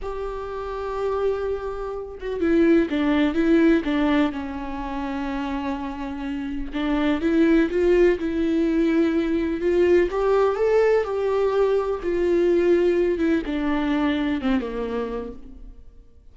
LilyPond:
\new Staff \with { instrumentName = "viola" } { \time 4/4 \tempo 4 = 125 g'1~ | g'8 fis'8 e'4 d'4 e'4 | d'4 cis'2.~ | cis'2 d'4 e'4 |
f'4 e'2. | f'4 g'4 a'4 g'4~ | g'4 f'2~ f'8 e'8 | d'2 c'8 ais4. | }